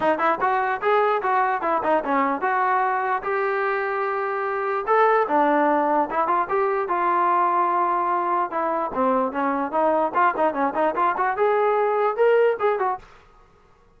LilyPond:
\new Staff \with { instrumentName = "trombone" } { \time 4/4 \tempo 4 = 148 dis'8 e'8 fis'4 gis'4 fis'4 | e'8 dis'8 cis'4 fis'2 | g'1 | a'4 d'2 e'8 f'8 |
g'4 f'2.~ | f'4 e'4 c'4 cis'4 | dis'4 f'8 dis'8 cis'8 dis'8 f'8 fis'8 | gis'2 ais'4 gis'8 fis'8 | }